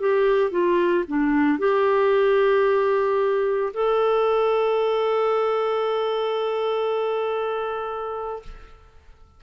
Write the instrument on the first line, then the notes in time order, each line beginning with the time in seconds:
clarinet
0.00 G4
0.51 F4
1.08 D4
1.59 G4
3.74 A4